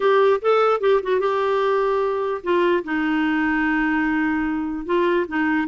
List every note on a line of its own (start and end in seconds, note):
0.00 0.40 G4
0.41 0.80 A4
0.80 1.00 G4
1.02 1.20 F#4
1.20 2.41 G4
2.43 2.83 F4
2.83 4.85 D#4
4.85 5.26 F4
5.27 5.68 D#4